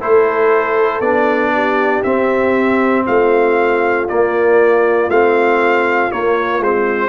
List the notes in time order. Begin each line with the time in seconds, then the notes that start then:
0.00 A3 E4 A4 C5
1.00 B3 D4 D5
1.54 G4
2.03 C4 E5
3.05 A3 F4 F5
4.08 A#3 D5
5.08 A3 C4 F5
6.11 A#3 C#5
6.59 G#3 C4 C5